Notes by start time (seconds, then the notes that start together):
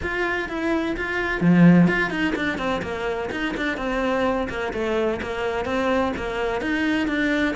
0.02 F4
0.48 E4
0.97 F4
1.40 F3
1.87 F4
2.10 D#4
2.35 D4
2.57 C4
2.82 A#3
3.31 D#4
3.57 D4
3.77 C4
4.49 A#3
4.73 A3
5.21 A#3
5.65 C4
6.16 A#3
6.61 D#4
7.07 D4